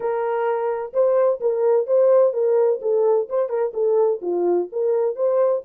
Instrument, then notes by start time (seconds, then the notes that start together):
horn
0.00 A#4
0.93 C5
1.40 A#4
1.86 C5
2.33 A#4
2.81 A4
3.29 C5
3.49 A#4
3.73 A4
4.21 F4
4.72 A#4
5.15 C5